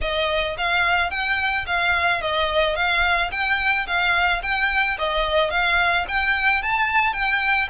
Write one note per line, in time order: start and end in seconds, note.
0.01 0.56 D#5
0.57 1.10 F5
1.10 1.65 G5
1.66 2.21 F5
2.21 2.75 D#5
2.75 3.30 F5
3.31 3.86 G5
3.87 4.42 F5
4.42 4.97 G5
4.98 5.50 D#5
5.50 6.05 F5
6.08 6.62 G5
6.62 7.13 A5
7.13 7.68 G5